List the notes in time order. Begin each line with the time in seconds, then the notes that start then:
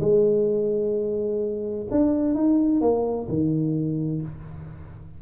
0.00 G#3
1.91 D4
2.34 D#4
2.81 A#3
3.28 D#3